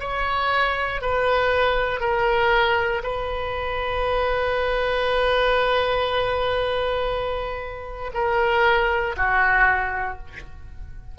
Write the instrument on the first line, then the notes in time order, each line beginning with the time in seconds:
oboe
0.00 C#5
1.02 B4
2.01 A#4
3.03 B4
8.14 A#4
9.17 F#4